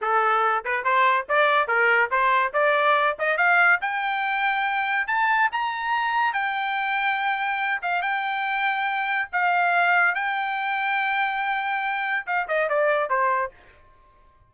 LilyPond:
\new Staff \with { instrumentName = "trumpet" } { \time 4/4 \tempo 4 = 142 a'4. b'8 c''4 d''4 | ais'4 c''4 d''4. dis''8 | f''4 g''2. | a''4 ais''2 g''4~ |
g''2~ g''8 f''8 g''4~ | g''2 f''2 | g''1~ | g''4 f''8 dis''8 d''4 c''4 | }